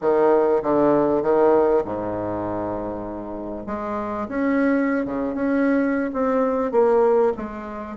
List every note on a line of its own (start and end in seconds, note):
0.01 0.62 D#3
0.62 1.22 D3
1.22 1.83 D#3
1.84 3.66 G#2
3.66 4.27 G#3
4.28 5.05 C#4
5.05 5.34 C#3
5.34 6.11 C#4
6.13 6.71 C4
6.71 7.32 A#3
7.36 7.96 G#3